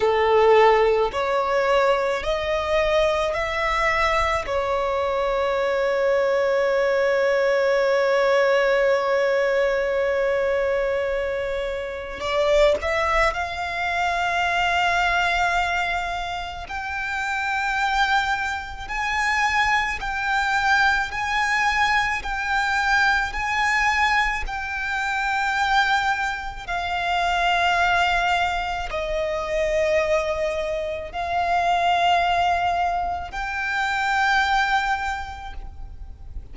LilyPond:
\new Staff \with { instrumentName = "violin" } { \time 4/4 \tempo 4 = 54 a'4 cis''4 dis''4 e''4 | cis''1~ | cis''2. d''8 e''8 | f''2. g''4~ |
g''4 gis''4 g''4 gis''4 | g''4 gis''4 g''2 | f''2 dis''2 | f''2 g''2 | }